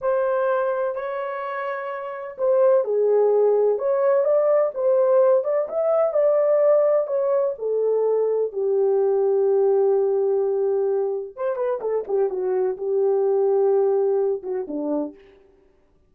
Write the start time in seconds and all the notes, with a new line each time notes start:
0.01 C5
0.95 C#5
2.38 C5
2.84 G#4
3.78 C#5
4.24 D5
4.74 C5
5.44 D5
5.68 E5
6.13 D5
7.07 C#5
7.58 A4
8.52 G4
11.35 C5
11.56 B4
11.80 A4
12.07 G4
12.29 F#4
12.77 G4
14.42 F#4
14.67 D4